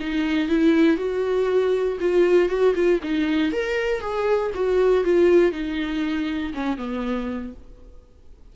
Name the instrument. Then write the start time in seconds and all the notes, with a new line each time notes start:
viola
0.00 D#4
0.48 E4
0.97 F#4
2.00 F4
2.49 F#4
2.75 F4
3.03 D#4
3.52 A#4
4.00 G#4
4.54 F#4
5.04 F4
5.51 D#4
6.53 C#4
6.77 B3